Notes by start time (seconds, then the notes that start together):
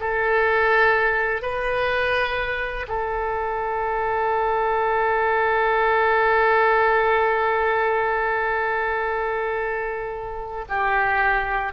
0.00 A4
1.42 B4
2.88 A4
10.69 G4